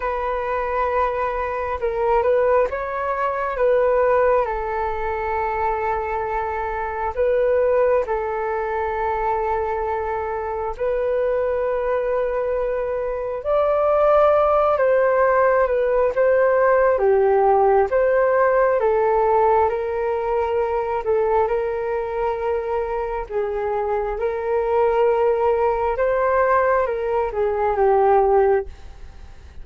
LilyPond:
\new Staff \with { instrumentName = "flute" } { \time 4/4 \tempo 4 = 67 b'2 ais'8 b'8 cis''4 | b'4 a'2. | b'4 a'2. | b'2. d''4~ |
d''8 c''4 b'8 c''4 g'4 | c''4 a'4 ais'4. a'8 | ais'2 gis'4 ais'4~ | ais'4 c''4 ais'8 gis'8 g'4 | }